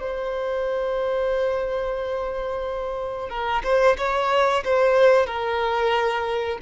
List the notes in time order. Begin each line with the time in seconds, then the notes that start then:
0.00 C5
3.29 A#4
3.64 C5
3.98 C#5
4.65 C5
5.27 A#4